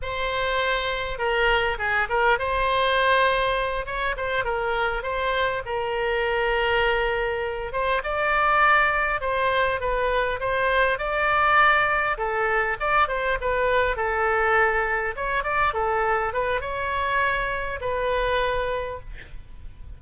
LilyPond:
\new Staff \with { instrumentName = "oboe" } { \time 4/4 \tempo 4 = 101 c''2 ais'4 gis'8 ais'8 | c''2~ c''8 cis''8 c''8 ais'8~ | ais'8 c''4 ais'2~ ais'8~ | ais'4 c''8 d''2 c''8~ |
c''8 b'4 c''4 d''4.~ | d''8 a'4 d''8 c''8 b'4 a'8~ | a'4. cis''8 d''8 a'4 b'8 | cis''2 b'2 | }